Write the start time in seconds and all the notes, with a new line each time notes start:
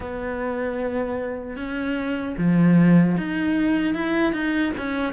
0.00 B3
1.56 C#4
2.37 F3
3.17 D#4
3.94 E4
4.32 D#4
4.77 C#4